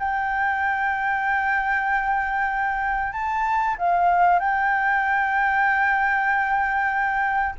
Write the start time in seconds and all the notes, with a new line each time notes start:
0.00 G5
3.13 A5
3.78 F5
4.40 G5